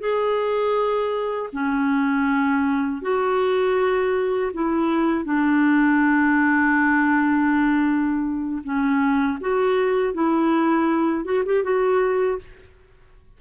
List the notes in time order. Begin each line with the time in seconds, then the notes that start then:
0.00 G#4
1.53 C#4
3.02 F#4
4.53 E4
5.25 D4
8.64 C#4
9.41 F#4
10.14 E4
11.25 F#4
11.45 G4
11.64 F#4